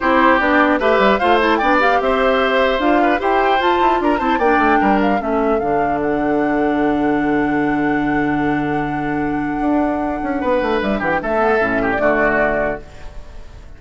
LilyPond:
<<
  \new Staff \with { instrumentName = "flute" } { \time 4/4 \tempo 4 = 150 c''4 d''4 e''4 f''8 a''8 | g''8 f''8 e''2 f''4 | g''4 a''4 ais''8 a''8 g''4~ | g''8 f''8 e''4 f''4 fis''4~ |
fis''1~ | fis''1~ | fis''2. e''8 fis''16 g''16 | e''4.~ e''16 d''2~ d''16 | }
  \new Staff \with { instrumentName = "oboe" } { \time 4/4 g'2 b'4 c''4 | d''4 c''2~ c''8 b'8 | c''2 ais'8 c''8 d''4 | ais'4 a'2.~ |
a'1~ | a'1~ | a'2 b'4. g'8 | a'4. g'8 fis'2 | }
  \new Staff \with { instrumentName = "clarinet" } { \time 4/4 e'4 d'4 g'4 f'8 e'8 | d'8 g'2~ g'8 f'4 | g'4 f'4. e'8 d'4~ | d'4 cis'4 d'2~ |
d'1~ | d'1~ | d'1~ | d'8 b8 cis'4 a2 | }
  \new Staff \with { instrumentName = "bassoon" } { \time 4/4 c'4 b4 a8 g8 a4 | b4 c'2 d'4 | e'4 f'8 e'8 d'8 c'8 ais8 a8 | g4 a4 d2~ |
d1~ | d1 | d'4. cis'8 b8 a8 g8 e8 | a4 a,4 d2 | }
>>